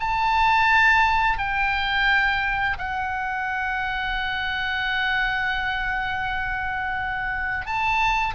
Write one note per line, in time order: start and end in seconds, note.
0.00 1.38 A5
1.38 2.77 G5
2.78 7.66 F#5
7.66 8.34 A5